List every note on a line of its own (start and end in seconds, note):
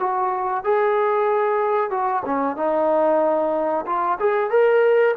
0.00 0.65 F#4
0.65 1.91 G#4
1.91 2.23 F#4
2.26 2.57 C#4
2.57 3.86 D#4
3.87 4.19 F4
4.20 4.51 G#4
4.51 5.15 A#4